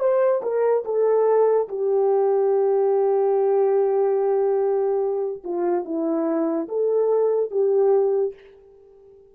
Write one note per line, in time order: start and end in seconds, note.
0.00 0.42 C5
0.43 0.84 A#4
0.85 1.69 A4
1.69 5.44 G4
5.44 5.85 F4
5.85 6.69 E4
6.69 7.52 A4
7.52 8.35 G4